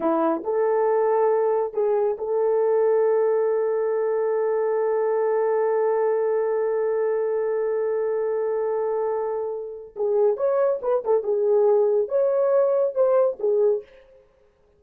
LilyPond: \new Staff \with { instrumentName = "horn" } { \time 4/4 \tempo 4 = 139 e'4 a'2. | gis'4 a'2.~ | a'1~ | a'1~ |
a'1~ | a'2. gis'4 | cis''4 b'8 a'8 gis'2 | cis''2 c''4 gis'4 | }